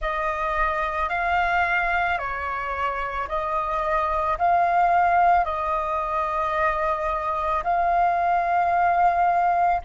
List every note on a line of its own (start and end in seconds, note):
0.00 1.09 D#5
1.09 2.18 F5
2.18 3.27 C#5
3.28 4.37 D#5
4.38 5.44 F5
5.44 7.63 D#5
7.63 9.81 F5